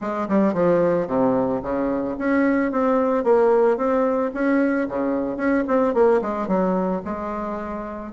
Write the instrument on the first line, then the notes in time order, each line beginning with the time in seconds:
bassoon
0.01 G#3
0.28 G3
0.53 F3
1.07 C3
1.62 C#3
2.18 C#4
2.71 C4
3.24 A#3
3.77 C4
4.34 C#4
4.88 C#3
5.37 C#4
5.67 C4
5.93 A#3
6.21 G#3
6.47 F#3
7.04 G#3